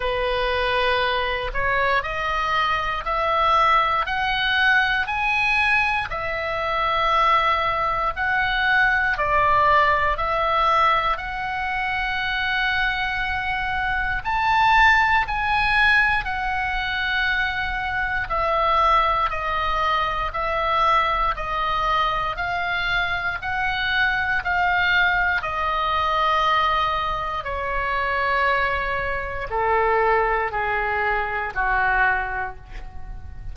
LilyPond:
\new Staff \with { instrumentName = "oboe" } { \time 4/4 \tempo 4 = 59 b'4. cis''8 dis''4 e''4 | fis''4 gis''4 e''2 | fis''4 d''4 e''4 fis''4~ | fis''2 a''4 gis''4 |
fis''2 e''4 dis''4 | e''4 dis''4 f''4 fis''4 | f''4 dis''2 cis''4~ | cis''4 a'4 gis'4 fis'4 | }